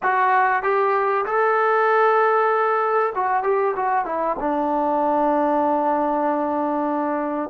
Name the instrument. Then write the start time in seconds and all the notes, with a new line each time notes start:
trombone
0.02 F#4
0.62 G4
1.25 A4
3.15 F#4
3.43 G4
3.76 F#4
4.05 E4
4.39 D4